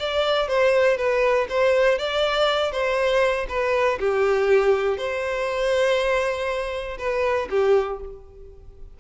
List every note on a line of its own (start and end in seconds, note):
0.00 0.48 D5
0.48 0.97 C5
0.97 1.47 B4
1.50 1.99 C5
1.99 2.72 D5
2.72 3.47 C5
3.49 3.99 B4
4.00 4.98 G4
4.98 6.98 C5
6.99 7.49 B4
7.50 8.00 G4